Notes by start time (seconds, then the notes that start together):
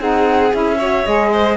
0.00 C4 D#4 G#4 F#5
0.53 C#4 E4 E5
0.77 F#4 C#5
1.05 G#3 G#4 D#5
1.33 C5